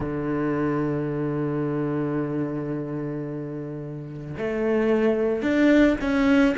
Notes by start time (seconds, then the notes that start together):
0.00 D3
4.37 A3
5.42 D4
6.00 C#4